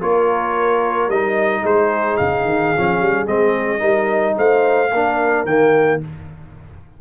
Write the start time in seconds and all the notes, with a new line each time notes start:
0.00 A#3 F4 A#4 C#5
1.08 G3 D#4 D#5
1.63 G#3 G#4 C5
2.17 C#3 F5
2.45 D#3
2.76 F3 C#4
3.01 G3
3.26 G#3 C4 D#5
3.79 G3 D#4 A#4
4.38 A3 C5 F5
4.92 A#3 D4 A#4
5.45 D#3 A#3 G5